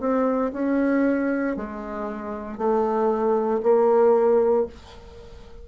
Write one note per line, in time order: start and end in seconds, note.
0.00 0.52 C4
0.53 1.57 C#4
1.57 2.58 G#3
2.58 3.61 A3
3.63 4.66 A#3